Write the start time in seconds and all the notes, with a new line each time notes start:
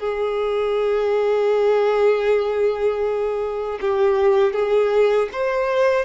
0.00 G#4
3.81 G4
4.54 G#4
5.33 C5